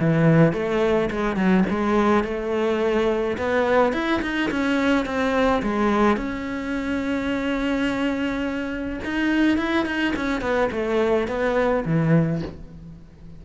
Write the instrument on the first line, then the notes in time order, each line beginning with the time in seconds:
cello
0.00 E3
0.53 A3
1.11 G#3
1.36 F#3
1.70 G#3
2.25 A3
3.38 B3
3.93 E4
4.22 D#4
4.51 C#4
5.06 C4
5.63 G#3
6.17 C#4
9.05 D#4
9.58 E4
9.86 D#4
10.17 C#4
10.42 B3
10.72 A3
11.28 B3
11.86 E3